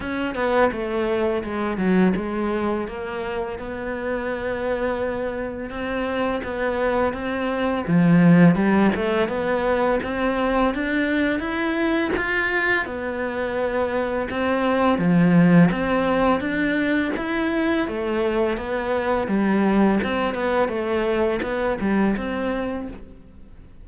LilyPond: \new Staff \with { instrumentName = "cello" } { \time 4/4 \tempo 4 = 84 cis'8 b8 a4 gis8 fis8 gis4 | ais4 b2. | c'4 b4 c'4 f4 | g8 a8 b4 c'4 d'4 |
e'4 f'4 b2 | c'4 f4 c'4 d'4 | e'4 a4 b4 g4 | c'8 b8 a4 b8 g8 c'4 | }